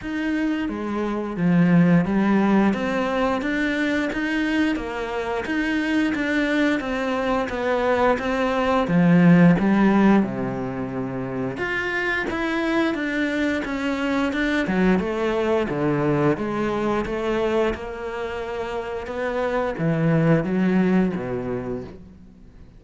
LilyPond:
\new Staff \with { instrumentName = "cello" } { \time 4/4 \tempo 4 = 88 dis'4 gis4 f4 g4 | c'4 d'4 dis'4 ais4 | dis'4 d'4 c'4 b4 | c'4 f4 g4 c4~ |
c4 f'4 e'4 d'4 | cis'4 d'8 fis8 a4 d4 | gis4 a4 ais2 | b4 e4 fis4 b,4 | }